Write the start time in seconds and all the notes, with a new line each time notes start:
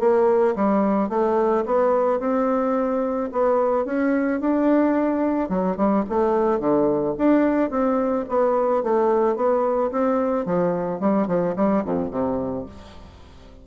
0.00 A#3
0.56 G3
1.09 A3
1.66 B3
2.20 C4
3.32 B3
3.85 C#4
4.40 D4
5.49 F#3
5.77 G3
6.10 A3
6.60 D3
7.18 D4
7.71 C4
8.29 B3
8.83 A3
9.36 B3
9.92 C4
10.46 F3
11.00 G3
11.27 F3
11.56 G3
11.85 F2
12.11 C3